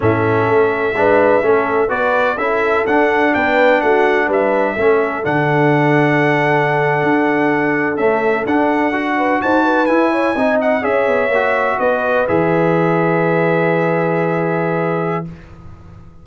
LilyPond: <<
  \new Staff \with { instrumentName = "trumpet" } { \time 4/4 \tempo 4 = 126 e''1 | d''4 e''4 fis''4 g''4 | fis''4 e''2 fis''4~ | fis''1~ |
fis''8. e''4 fis''2 a''16~ | a''8. gis''4. fis''8 e''4~ e''16~ | e''8. dis''4 e''2~ e''16~ | e''1 | }
  \new Staff \with { instrumentName = "horn" } { \time 4/4 a'2 b'4 a'4 | b'4 a'2 b'4 | fis'4 b'4 a'2~ | a'1~ |
a'2.~ a'16 b'8 c''16~ | c''16 b'4 cis''8 dis''4 cis''4~ cis''16~ | cis''8. b'2.~ b'16~ | b'1 | }
  \new Staff \with { instrumentName = "trombone" } { \time 4/4 cis'2 d'4 cis'4 | fis'4 e'4 d'2~ | d'2 cis'4 d'4~ | d'1~ |
d'8. a4 d'4 fis'4~ fis'16~ | fis'8. e'4 dis'4 gis'4 fis'16~ | fis'4.~ fis'16 gis'2~ gis'16~ | gis'1 | }
  \new Staff \with { instrumentName = "tuba" } { \time 4/4 a,4 a4 gis4 a4 | b4 cis'4 d'4 b4 | a4 g4 a4 d4~ | d2~ d8. d'4~ d'16~ |
d'8. cis'4 d'2 dis'16~ | dis'8. e'4 c'4 cis'8 b8 ais16~ | ais8. b4 e2~ e16~ | e1 | }
>>